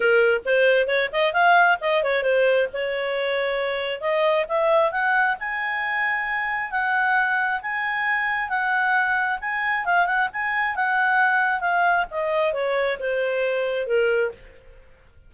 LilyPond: \new Staff \with { instrumentName = "clarinet" } { \time 4/4 \tempo 4 = 134 ais'4 c''4 cis''8 dis''8 f''4 | dis''8 cis''8 c''4 cis''2~ | cis''4 dis''4 e''4 fis''4 | gis''2. fis''4~ |
fis''4 gis''2 fis''4~ | fis''4 gis''4 f''8 fis''8 gis''4 | fis''2 f''4 dis''4 | cis''4 c''2 ais'4 | }